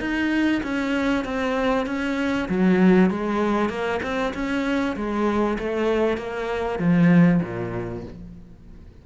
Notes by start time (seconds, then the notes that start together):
0.00 D#4
0.63 C#4
1.25 C4
1.86 C#4
2.49 F#3
3.10 G#3
3.69 A#3
4.03 C4
4.34 C#4
4.96 G#3
5.59 A3
6.18 A#3
6.79 F3
7.42 A#2